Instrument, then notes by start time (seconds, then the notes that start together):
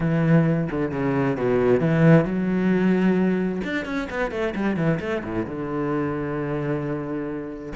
cello
0.00 E3
0.70 D3
0.91 C#3
1.36 B2
1.80 E3
2.24 F#3
3.64 D4
3.85 C#4
4.10 B3
4.31 A3
4.55 G3
4.76 E3
5.00 A3
5.24 A2
5.45 D3